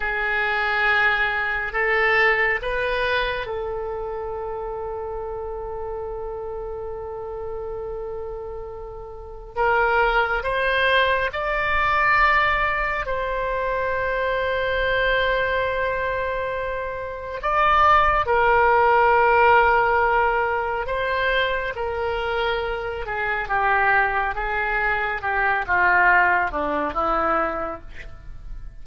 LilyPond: \new Staff \with { instrumentName = "oboe" } { \time 4/4 \tempo 4 = 69 gis'2 a'4 b'4 | a'1~ | a'2. ais'4 | c''4 d''2 c''4~ |
c''1 | d''4 ais'2. | c''4 ais'4. gis'8 g'4 | gis'4 g'8 f'4 d'8 e'4 | }